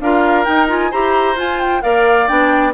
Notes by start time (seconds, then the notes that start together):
0.00 D4 F4 A#4 F5
0.44 D#4 G5
0.68 F4 G#5
0.91 E4 G4 C5 A#5
1.36 F4 G#5
1.60 G5
1.81 A#3 A#4 D5 F5
2.27 B3 D4 G5